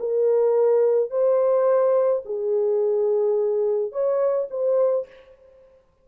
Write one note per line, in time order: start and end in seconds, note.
0.00 1.11 A#4
1.11 2.23 C5
2.26 3.93 G#4
3.93 4.49 C#5
4.51 5.07 C5